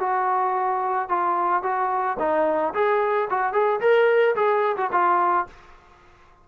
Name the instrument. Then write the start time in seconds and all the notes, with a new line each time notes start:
trombone
0.00 F#4
1.09 F4
1.63 F#4
2.19 D#4
2.74 G#4
3.30 F#4
3.53 G#4
3.81 A#4
4.36 G#4
4.77 F#4
4.92 F4